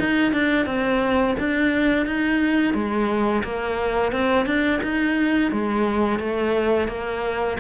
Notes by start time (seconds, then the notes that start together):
0.00 D#4
0.33 D4
0.66 C4
1.39 D4
2.06 D#4
2.74 G#3
3.44 A#3
4.13 C4
4.46 D4
4.83 D#4
5.52 G#3
6.19 A3
6.89 A#3